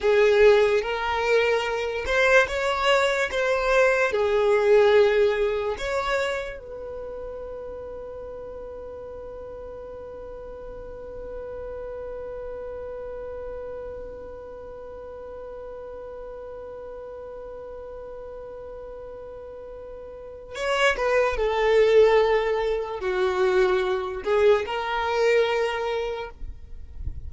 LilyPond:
\new Staff \with { instrumentName = "violin" } { \time 4/4 \tempo 4 = 73 gis'4 ais'4. c''8 cis''4 | c''4 gis'2 cis''4 | b'1~ | b'1~ |
b'1~ | b'1~ | b'4 cis''8 b'8 a'2 | fis'4. gis'8 ais'2 | }